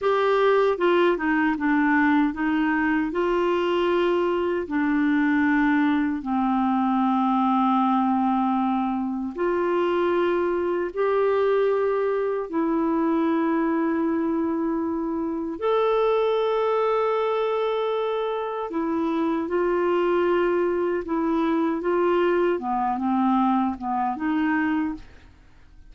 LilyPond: \new Staff \with { instrumentName = "clarinet" } { \time 4/4 \tempo 4 = 77 g'4 f'8 dis'8 d'4 dis'4 | f'2 d'2 | c'1 | f'2 g'2 |
e'1 | a'1 | e'4 f'2 e'4 | f'4 b8 c'4 b8 dis'4 | }